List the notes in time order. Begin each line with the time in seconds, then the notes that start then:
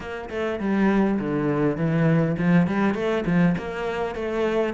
0.00 A#3
0.29 A3
0.59 G3
1.19 D3
1.76 E3
2.38 F3
2.67 G3
2.94 A3
3.26 F3
3.58 A#3
4.15 A3